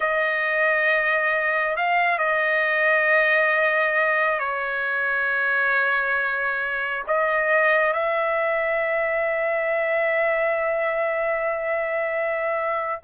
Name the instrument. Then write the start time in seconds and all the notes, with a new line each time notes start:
trumpet
0.00 D#5
1.76 F5
2.18 D#5
4.39 C#5
7.07 D#5
7.93 E5